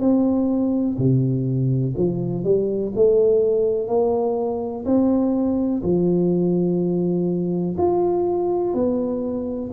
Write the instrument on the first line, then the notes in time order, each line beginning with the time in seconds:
tuba
0.00 C4
0.98 C3
1.97 F3
2.44 G3
2.95 A3
3.88 A#3
4.85 C4
5.83 F3
7.78 F4
8.74 B3